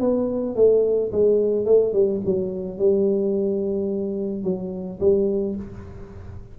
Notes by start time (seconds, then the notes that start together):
0.00 B3
0.56 A3
1.12 G#3
1.66 A3
1.93 G3
2.25 F#3
2.78 G3
4.43 F#3
5.00 G3